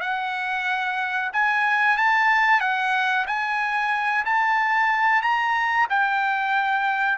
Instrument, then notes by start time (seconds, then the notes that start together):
trumpet
0.00 F#5
1.33 G#5
1.97 A5
2.60 F#5
3.26 G#5
4.25 A5
5.22 A#5
5.89 G5